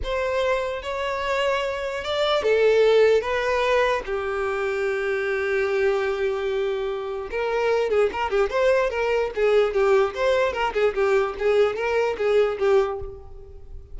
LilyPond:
\new Staff \with { instrumentName = "violin" } { \time 4/4 \tempo 4 = 148 c''2 cis''2~ | cis''4 d''4 a'2 | b'2 g'2~ | g'1~ |
g'2 ais'4. gis'8 | ais'8 g'8 c''4 ais'4 gis'4 | g'4 c''4 ais'8 gis'8 g'4 | gis'4 ais'4 gis'4 g'4 | }